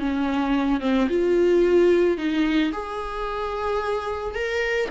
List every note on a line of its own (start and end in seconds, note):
0.00 0.81 C#4
0.81 1.08 C4
1.10 2.18 F4
2.18 2.72 D#4
2.73 4.35 G#4
4.35 4.89 A#4